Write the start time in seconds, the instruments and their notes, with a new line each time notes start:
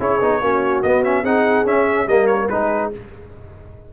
0.00 tuba C#4, trombone E4, horn G#4, trumpet C#5
0.21 tuba B3, trombone D#4
0.42 tuba A#3, trombone C#4, horn F#4
0.83 tuba B3, trombone B3, trumpet D#5
1.04 trombone C#4, trumpet E5
1.24 tuba C4, trombone D#4, horn G#4, trumpet F#5
1.66 tuba C#4, trombone C#4, trumpet E5
2.07 tuba G3, trombone A#3, horn A#4, trumpet D#5
2.27 trumpet C#5
2.49 tuba G#3, trombone D#4, horn G#4, trumpet B4